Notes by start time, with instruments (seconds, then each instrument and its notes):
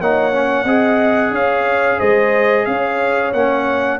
0.00 tuba A#3, trombone D#4, horn C#5, trumpet F#5
0.32 trombone C#4
0.64 tuba C4, trombone G#4, horn D#5
1.30 tuba C#4, horn C#5, trumpet F5
1.97 tuba G#3, horn C5, trumpet D#5
2.65 tuba C#4, horn C#5, trumpet F5
3.33 tuba A#3, trombone C#4, trumpet F#5